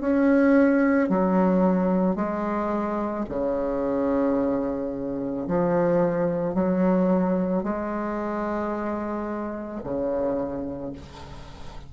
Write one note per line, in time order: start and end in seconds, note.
0.00 1.09 C#4
1.09 2.15 F#3
2.15 3.24 G#3
3.29 5.47 C#3
5.47 6.54 F3
6.54 7.63 F#3
7.63 9.81 G#3
9.83 10.92 C#3